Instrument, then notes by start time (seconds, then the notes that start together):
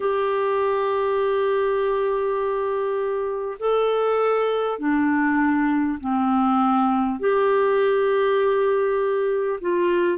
clarinet
0.00 G4
3.59 A4
4.78 D4
5.99 C4
7.19 G4
9.61 F4